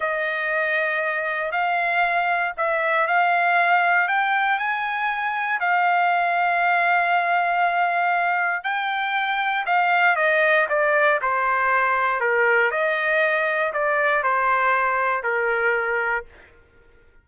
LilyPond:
\new Staff \with { instrumentName = "trumpet" } { \time 4/4 \tempo 4 = 118 dis''2. f''4~ | f''4 e''4 f''2 | g''4 gis''2 f''4~ | f''1~ |
f''4 g''2 f''4 | dis''4 d''4 c''2 | ais'4 dis''2 d''4 | c''2 ais'2 | }